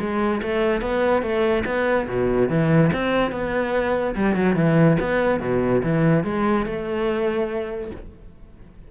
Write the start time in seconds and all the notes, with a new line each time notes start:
0.00 G#3
0.42 A3
0.81 B3
1.22 A3
1.65 B3
2.08 B2
2.49 E3
2.93 C4
3.32 B3
4.16 G3
4.36 F#3
4.56 E3
5.00 B3
5.41 B2
5.83 E3
6.24 G#3
6.66 A3